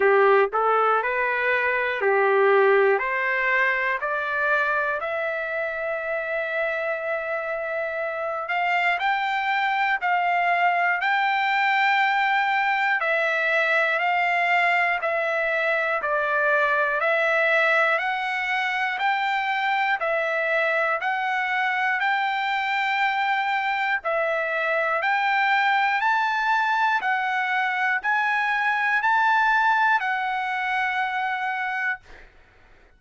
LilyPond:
\new Staff \with { instrumentName = "trumpet" } { \time 4/4 \tempo 4 = 60 g'8 a'8 b'4 g'4 c''4 | d''4 e''2.~ | e''8 f''8 g''4 f''4 g''4~ | g''4 e''4 f''4 e''4 |
d''4 e''4 fis''4 g''4 | e''4 fis''4 g''2 | e''4 g''4 a''4 fis''4 | gis''4 a''4 fis''2 | }